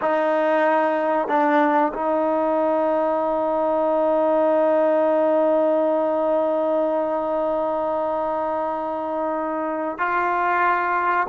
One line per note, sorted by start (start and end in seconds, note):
0.01 1.28 D#4
1.28 1.92 D4
1.93 9.98 D#4
9.98 11.27 F4